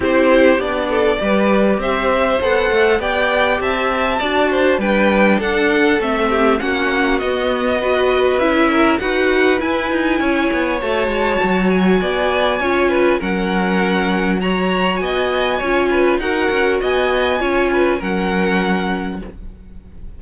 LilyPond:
<<
  \new Staff \with { instrumentName = "violin" } { \time 4/4 \tempo 4 = 100 c''4 d''2 e''4 | fis''4 g''4 a''2 | g''4 fis''4 e''4 fis''4 | dis''2 e''4 fis''4 |
gis''2 a''4. gis''8~ | gis''2 fis''2 | ais''4 gis''2 fis''4 | gis''2 fis''2 | }
  \new Staff \with { instrumentName = "violin" } { \time 4/4 g'4. a'8 b'4 c''4~ | c''4 d''4 e''4 d''8 c''8 | b'4 a'4. g'8 fis'4~ | fis'4 b'4. ais'8 b'4~ |
b'4 cis''2. | d''4 cis''8 b'8 ais'2 | cis''4 dis''4 cis''8 b'8 ais'4 | dis''4 cis''8 b'8 ais'2 | }
  \new Staff \with { instrumentName = "viola" } { \time 4/4 e'4 d'4 g'2 | a'4 g'2 fis'4 | d'2 c'4 cis'4 | b4 fis'4 e'4 fis'4 |
e'2 fis'2~ | fis'4 f'4 cis'2 | fis'2 f'4 fis'4~ | fis'4 f'4 cis'2 | }
  \new Staff \with { instrumentName = "cello" } { \time 4/4 c'4 b4 g4 c'4 | b8 a8 b4 c'4 d'4 | g4 d'4 a4 ais4 | b2 cis'4 dis'4 |
e'8 dis'8 cis'8 b8 a8 gis8 fis4 | b4 cis'4 fis2~ | fis4 b4 cis'4 dis'8 cis'8 | b4 cis'4 fis2 | }
>>